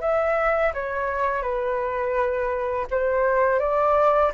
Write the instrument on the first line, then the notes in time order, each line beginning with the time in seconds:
flute
0.00 E5
0.73 C#5
1.42 B4
2.90 C5
3.59 D5